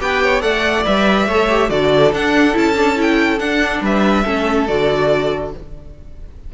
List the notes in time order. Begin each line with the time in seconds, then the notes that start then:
0.00 B3 G4 B4 G5
0.24 C#5
0.41 A3 A4 D5 F#5
0.85 G3 B4 E5
1.27 A3 A4 C#5
1.49 G4
1.70 D3 F#4 A4 D5
2.13 D4 F#5
2.54 C#4 E4 A5
2.76 D4
2.95 E4 G5
3.39 D4 F#5
3.81 G3 B4 E5
4.24 A3 C#4 A4
4.67 D3 F#4 D5